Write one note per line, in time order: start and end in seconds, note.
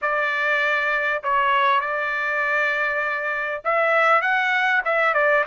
0.01 1.22 D5
1.23 1.80 C#5
1.80 3.62 D5
3.64 4.21 E5
4.21 4.82 F#5
4.84 5.13 E5
5.13 5.44 D5